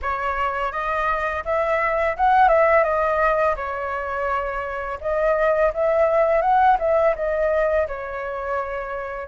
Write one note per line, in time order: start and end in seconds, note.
0.02 0.72 C#5
0.72 1.43 D#5
1.44 2.16 E5
2.16 2.48 F#5
2.48 2.83 E5
2.83 3.55 D#5
3.56 4.98 C#5
5.00 5.72 D#5
5.73 6.41 E5
6.41 6.77 F#5
6.79 7.14 E5
7.15 7.87 D#5
7.87 9.28 C#5